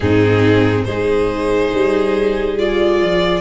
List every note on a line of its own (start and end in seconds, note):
0.00 0.85 G#2
0.00 0.87 C4
0.00 0.86 D#4
0.00 0.84 G#4
0.84 1.72 G#3
0.84 2.57 D#4
0.84 3.41 G#4
0.84 2.55 C5
1.73 3.02 G3
2.57 3.41 F4
2.57 3.41 D5
3.02 3.41 F3